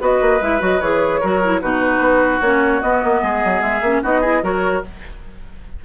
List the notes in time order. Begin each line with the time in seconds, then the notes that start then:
0.00 B3 F#4 B4 D#5
0.21 A#3
0.41 G#3 E4 E5
0.59 F#3 F#4 D#5
0.81 E3 G#4 C#5
1.20 F#3 F#4 A#4
1.43 E4
1.61 B2 D#4 F#4 B4
1.99 B3
2.41 A#3 C#4 C#5
2.81 B3 D#5
3.04 A#3
3.22 G#3 G#4
3.45 F#3
3.62 G#3 E5
3.81 A#3 C#4
4.03 B3 D#4 F#4 D#5
4.20 E4 G#4
4.42 F#3 F#4 A#4 C#5